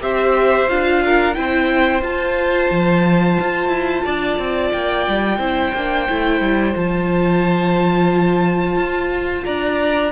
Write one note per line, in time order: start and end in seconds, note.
0.00 0.69 C4
0.00 0.67 G4
0.00 1.04 C5
0.00 0.69 E5
0.68 1.37 D4
0.68 1.34 F4
0.68 1.34 F5
1.05 1.37 A#4
1.34 2.01 C4
1.34 2.02 E4
1.34 4.04 C5
1.34 2.01 G5
2.01 2.69 F4
2.01 5.40 F4
2.01 4.72 A5
2.71 3.38 F3
3.41 3.68 F4
3.68 4.02 E4
4.04 4.38 D4
4.04 5.39 D5
4.38 4.72 C4
4.72 5.07 A#3
4.72 6.74 G5
5.08 5.38 G3
5.38 5.72 C4
5.38 5.74 E4
5.38 9.45 C5
5.74 6.08 A#3
5.74 6.09 D4
6.09 6.41 A3
6.09 6.75 E4
6.41 6.74 G3
6.75 8.77 F3
6.75 10.12 F4
6.75 9.45 A5
8.77 9.44 F4
9.45 10.12 D4
9.45 10.12 D5
9.45 10.12 A#5